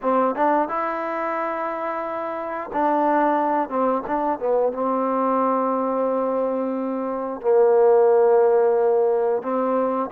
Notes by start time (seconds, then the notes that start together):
0.02 C4
0.35 D4
0.68 E4
2.72 D4
3.69 C4
4.07 D4
4.39 B3
4.73 C4
7.41 A#3
9.42 C4